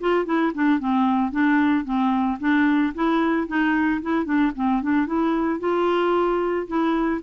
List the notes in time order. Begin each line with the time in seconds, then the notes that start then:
0.00 F4
0.25 E4
0.54 D4
0.79 C4
1.31 D4
1.84 C4
2.40 D4
2.94 E4
3.47 D#4
4.02 E4
4.25 D4
4.55 C4
4.82 D4
5.06 E4
5.60 F4
6.67 E4